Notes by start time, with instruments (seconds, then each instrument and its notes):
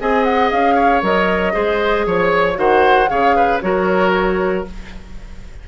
0.00 bassoon C4, clarinet G#4, oboe D#5, flute G#5
0.24 flute F#5
0.51 bassoon C#4, flute F5
0.75 oboe C#5
1.02 bassoon F#3, clarinet A#4, flute D#5
1.53 bassoon G#3, clarinet G#4, oboe C5
2.07 bassoon F3, oboe C#5, flute C#5
2.55 bassoon D#3, clarinet F#4, oboe C5, flute F#5
3.09 bassoon C#3, clarinet G#4, oboe C#5, flute F5
3.36 oboe B4
3.61 bassoon F#3, clarinet F#4, oboe A#4, flute C#5